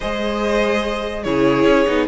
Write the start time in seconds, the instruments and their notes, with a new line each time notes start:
0.00 cello G#3, viola G#4, violin C5 D#5
1.23 cello C#3, viola E4, violin G#4 C#5
1.64 cello C#4
1.87 cello B3, viola D#4